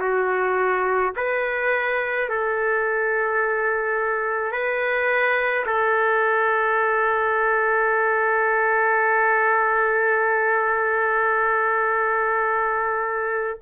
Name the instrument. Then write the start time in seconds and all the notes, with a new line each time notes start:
trumpet
0.00 F#4
1.17 B4
2.30 A4
4.52 B4
5.67 A4